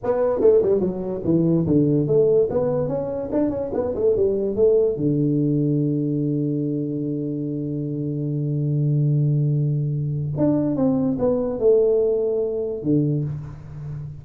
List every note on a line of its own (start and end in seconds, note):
0.03 0.40 B3
0.40 0.61 A3
0.62 0.80 G3
0.80 1.22 F#3
1.24 1.66 E3
1.66 2.07 D3
2.07 2.48 A3
2.49 2.88 B3
2.88 3.29 C#4
3.32 3.50 D4
3.50 3.70 C#4
3.73 3.94 B3
3.95 4.15 A3
4.15 4.55 G3
4.55 4.96 A3
4.96 10.34 D3
10.37 10.76 D4
10.76 11.17 C4
11.19 11.59 B3
11.59 12.82 A3
12.82 13.24 D3